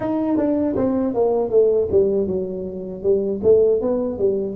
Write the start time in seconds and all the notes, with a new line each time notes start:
0.00 D#4
0.37 D4
0.76 C4
1.14 A#3
1.49 A3
1.91 G3
2.26 F#3
3.02 G3
3.43 A3
3.81 B3
4.18 G3